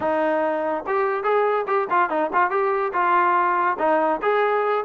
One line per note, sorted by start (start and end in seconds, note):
0.00 0.84 D#4
0.86 1.23 G4
1.23 1.65 G#4
1.67 1.88 G4
1.90 2.09 F4
2.09 2.30 D#4
2.33 2.50 F4
2.50 2.92 G4
2.93 3.77 F4
3.78 4.20 D#4
4.21 4.84 G#4